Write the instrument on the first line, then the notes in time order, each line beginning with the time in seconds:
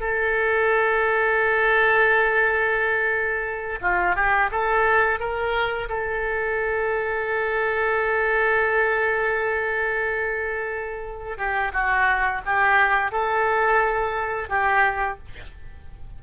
oboe
0.00 A4
3.81 F4
4.16 G4
4.51 A4
5.19 A#4
5.88 A4
11.37 G4
11.72 F#4
12.45 G4
13.11 A4
14.49 G4